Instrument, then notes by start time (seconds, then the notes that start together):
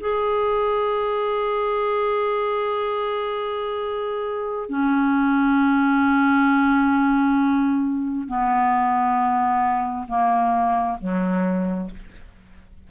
clarinet
0.00 G#4
4.69 C#4
8.28 B3
10.08 A#3
11.01 F#3